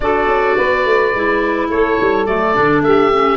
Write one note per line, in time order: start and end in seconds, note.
0.00 0.26 D4
0.00 1.15 F#4
0.00 0.56 A4
0.00 1.67 D5
0.26 0.55 C#4
0.56 0.85 B3
0.56 1.70 B4
0.85 1.13 A3
1.13 1.69 G#3
1.13 2.27 E4
1.69 1.97 A3
1.69 2.84 A4
1.69 2.25 C#5
2.00 2.26 G3
2.25 2.55 F#3
2.25 2.54 A3
2.25 2.82 D5
2.54 2.81 D3
2.54 3.11 D4
2.81 3.37 A3
2.81 3.37 G4
2.81 3.37 E5
3.13 3.37 C#4